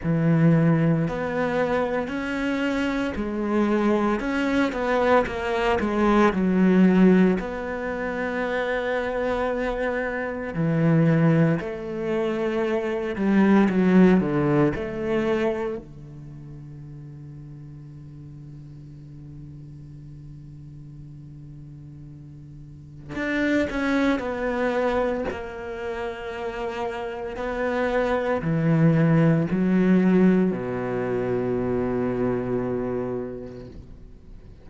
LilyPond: \new Staff \with { instrumentName = "cello" } { \time 4/4 \tempo 4 = 57 e4 b4 cis'4 gis4 | cis'8 b8 ais8 gis8 fis4 b4~ | b2 e4 a4~ | a8 g8 fis8 d8 a4 d4~ |
d1~ | d2 d'8 cis'8 b4 | ais2 b4 e4 | fis4 b,2. | }